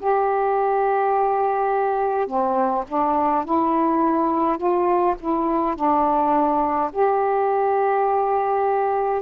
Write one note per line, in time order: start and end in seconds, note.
0.00 2.27 G4
2.27 2.84 C4
2.88 3.45 D4
3.45 4.58 E4
4.58 5.16 F4
5.19 5.76 E4
5.76 6.91 D4
6.92 9.22 G4